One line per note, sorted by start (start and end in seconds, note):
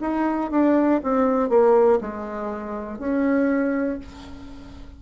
0.00 0.50 D#4
0.50 1.00 D4
1.03 1.49 C4
1.49 1.99 A#3
2.00 2.99 G#3
2.99 3.99 C#4